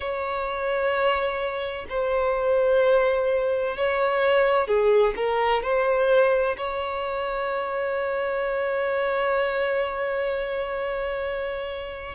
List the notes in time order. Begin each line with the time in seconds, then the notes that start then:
0.00 C#5
1.89 C5
3.76 C#5
4.67 G#4
5.16 A#4
5.62 C5
6.57 C#5